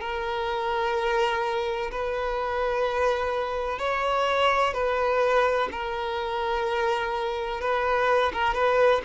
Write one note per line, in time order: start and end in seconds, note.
0.00 1.90 A#4
1.91 3.78 B4
3.78 4.73 C#5
4.73 5.68 B4
5.71 7.61 A#4
7.61 8.32 B4
8.33 8.54 A#4
8.54 9.01 B4